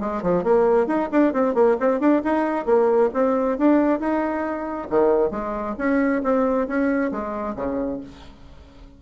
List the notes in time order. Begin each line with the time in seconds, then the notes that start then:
0.00 G#3
0.22 F3
0.44 A#3
0.87 D#4
1.12 D4
1.33 C4
1.54 A#3
1.80 C4
2.00 D4
2.24 D#4
2.65 A#3
3.14 C4
3.58 D4
3.99 D#4
4.90 D#3
5.31 G#3
5.78 C#4
6.23 C4
6.67 C#4
7.11 G#3
7.56 C#3